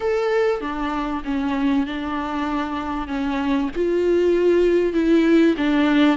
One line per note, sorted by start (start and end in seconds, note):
0.00 0.60 A4
0.60 1.22 D4
1.24 1.86 C#4
1.86 3.07 D4
3.07 3.69 C#4
3.75 4.93 F4
4.93 5.55 E4
5.57 6.17 D4